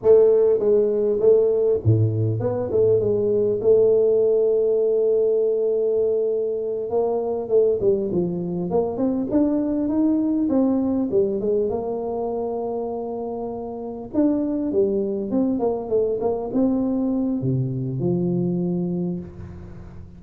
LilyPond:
\new Staff \with { instrumentName = "tuba" } { \time 4/4 \tempo 4 = 100 a4 gis4 a4 a,4 | b8 a8 gis4 a2~ | a2.~ a8 ais8~ | ais8 a8 g8 f4 ais8 c'8 d'8~ |
d'8 dis'4 c'4 g8 gis8 ais8~ | ais2.~ ais8 d'8~ | d'8 g4 c'8 ais8 a8 ais8 c'8~ | c'4 c4 f2 | }